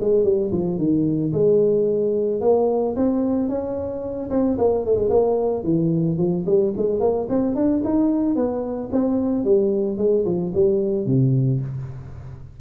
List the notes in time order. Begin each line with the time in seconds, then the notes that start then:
0.00 G#3
0.24 G3
0.52 F3
0.78 D#3
1.33 G#3
2.41 A#3
2.96 C4
3.49 C#4
4.30 C4
4.58 A#3
4.85 A3
4.96 G#3
5.10 A#3
5.64 E3
6.18 F3
6.46 G3
6.77 G#3
7.00 A#3
7.29 C4
7.55 D4
7.85 D#4
8.36 B3
8.92 C4
9.44 G3
9.98 G#3
10.25 F3
10.55 G3
11.06 C3